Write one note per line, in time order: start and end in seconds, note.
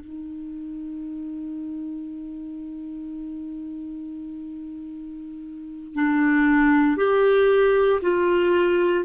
0.00 5.94 D#4
5.94 6.97 D4
6.97 8.00 G4
8.02 9.05 F4